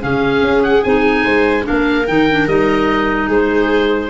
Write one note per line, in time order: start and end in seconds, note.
0.00 0.42 C#3
0.00 0.82 C#4
0.00 1.24 G#4
0.00 0.63 F5
0.42 0.83 C#4
0.63 0.83 F#5
0.84 1.26 C4
0.84 1.63 D#4
0.84 1.65 G#5
1.24 1.66 G#3
1.24 1.65 C5
1.63 2.04 D4
1.63 3.28 A#4
1.63 2.07 F5
1.70 2.09 A#3
2.07 2.47 D#3
2.07 2.28 D#4
2.07 2.48 G5
2.30 2.48 D4
2.47 3.28 G3
2.47 4.10 D#4
2.47 3.29 D#5
3.28 4.10 G#3
3.28 4.09 G#4
3.28 4.10 C5